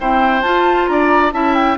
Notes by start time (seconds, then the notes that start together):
0.00 C4 E4 C5 G5
0.42 F4 A5
0.87 D4 D5 A#5
1.32 C#4 E4 E5 A5
1.54 G5